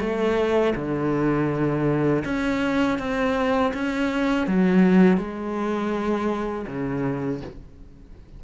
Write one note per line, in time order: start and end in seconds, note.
0.00 0.74 A3
0.76 2.24 D3
2.25 2.99 C#4
2.99 3.73 C4
3.74 4.47 C#4
4.47 5.18 F#3
5.18 6.66 G#3
6.67 7.41 C#3